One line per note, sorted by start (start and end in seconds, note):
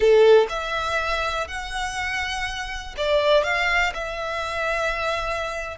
0.00 0.46 A4
0.49 1.47 E5
1.47 2.95 F#5
2.97 3.43 D5
3.43 3.92 F5
3.94 5.77 E5